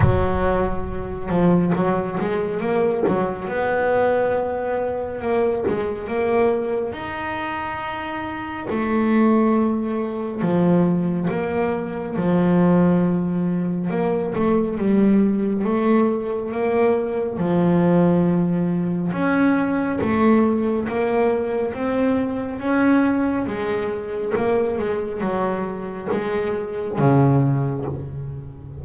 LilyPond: \new Staff \with { instrumentName = "double bass" } { \time 4/4 \tempo 4 = 69 fis4. f8 fis8 gis8 ais8 fis8 | b2 ais8 gis8 ais4 | dis'2 a2 | f4 ais4 f2 |
ais8 a8 g4 a4 ais4 | f2 cis'4 a4 | ais4 c'4 cis'4 gis4 | ais8 gis8 fis4 gis4 cis4 | }